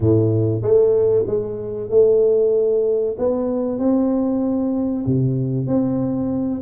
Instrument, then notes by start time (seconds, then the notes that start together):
tuba
0.00 A2
0.61 A3
1.27 G#3
1.90 A3
3.18 B3
3.79 C4
5.06 C3
5.66 C4